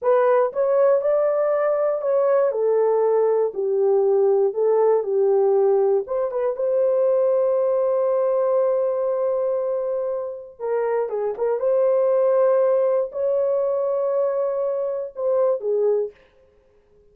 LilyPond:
\new Staff \with { instrumentName = "horn" } { \time 4/4 \tempo 4 = 119 b'4 cis''4 d''2 | cis''4 a'2 g'4~ | g'4 a'4 g'2 | c''8 b'8 c''2.~ |
c''1~ | c''4 ais'4 gis'8 ais'8 c''4~ | c''2 cis''2~ | cis''2 c''4 gis'4 | }